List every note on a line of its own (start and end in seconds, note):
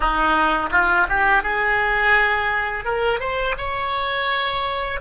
0.00 0.69 D#4
0.71 1.07 F4
1.08 1.42 G4
1.42 2.84 G#4
2.84 3.19 A#4
3.19 3.55 C5
3.57 5.00 C#5